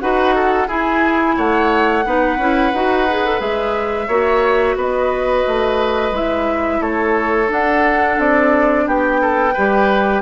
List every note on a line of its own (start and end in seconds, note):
0.00 0.68 D#4
0.00 0.68 F#4
0.00 0.35 B4
0.00 0.68 F#5
0.35 0.67 A4
0.67 1.36 E4
0.67 2.04 E4
0.67 1.36 G#4
0.67 1.38 G#5
1.37 2.06 A3
1.37 2.05 C#5
1.37 3.41 F#5
2.05 2.38 B3
2.05 2.39 D#4
2.05 4.08 B4
2.38 2.72 C#4
2.38 2.73 E4
2.73 3.40 D#4
2.73 3.08 F#4
3.10 3.25 G#4
3.25 3.39 A4
3.39 4.08 G#3
3.39 4.08 G#4
3.39 4.77 E5
4.08 4.76 A#3
4.08 6.13 F#4
4.08 4.76 C#5
4.76 5.44 B3
4.76 6.81 B4
4.76 6.16 D#5
5.47 6.11 A3
6.11 6.80 G#3
6.11 7.47 E4
6.11 6.82 E5
6.81 7.49 A3
6.81 8.85 A4
6.81 7.50 C#5
7.47 9.52 D4
7.47 8.19 D4
7.47 8.20 F#5
8.19 8.87 C4
8.19 8.88 D5
8.87 9.55 B3
8.87 9.21 G4
8.87 10.22 G5
9.21 9.54 A4
9.54 10.22 G3
9.54 10.22 G4
9.54 10.22 B4